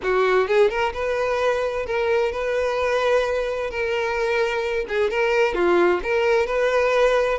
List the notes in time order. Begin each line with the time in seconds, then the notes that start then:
0.02 F#4
0.47 G#4
0.69 A#4
0.93 B4
1.85 A#4
2.32 B4
3.70 A#4
4.88 G#4
5.10 A#4
5.54 F4
6.03 A#4
6.46 B4